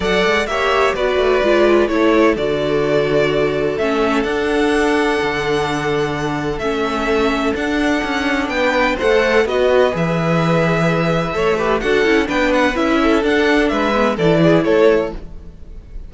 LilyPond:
<<
  \new Staff \with { instrumentName = "violin" } { \time 4/4 \tempo 4 = 127 fis''4 e''4 d''2 | cis''4 d''2. | e''4 fis''2.~ | fis''2 e''2 |
fis''2 g''4 fis''4 | dis''4 e''2.~ | e''4 fis''4 g''8 fis''8 e''4 | fis''4 e''4 d''4 cis''4 | }
  \new Staff \with { instrumentName = "violin" } { \time 4/4 d''4 cis''4 b'2 | a'1~ | a'1~ | a'1~ |
a'2 b'4 c''4 | b'1 | cis''8 b'8 a'4 b'4. a'8~ | a'4 b'4 a'8 gis'8 a'4 | }
  \new Staff \with { instrumentName = "viola" } { \time 4/4 a'4 g'4 fis'4 f'4 | e'4 fis'2. | cis'4 d'2.~ | d'2 cis'2 |
d'2. a'4 | fis'4 gis'2. | a'8 g'8 fis'8 e'8 d'4 e'4 | d'4. b8 e'2 | }
  \new Staff \with { instrumentName = "cello" } { \time 4/4 fis8 gis8 ais4 b8 a8 gis4 | a4 d2. | a4 d'2 d4~ | d2 a2 |
d'4 cis'4 b4 a4 | b4 e2. | a4 d'8 cis'8 b4 cis'4 | d'4 gis4 e4 a4 | }
>>